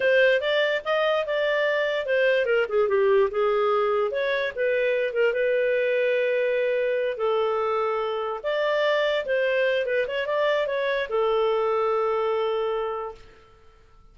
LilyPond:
\new Staff \with { instrumentName = "clarinet" } { \time 4/4 \tempo 4 = 146 c''4 d''4 dis''4 d''4~ | d''4 c''4 ais'8 gis'8 g'4 | gis'2 cis''4 b'4~ | b'8 ais'8 b'2.~ |
b'4. a'2~ a'8~ | a'8 d''2 c''4. | b'8 cis''8 d''4 cis''4 a'4~ | a'1 | }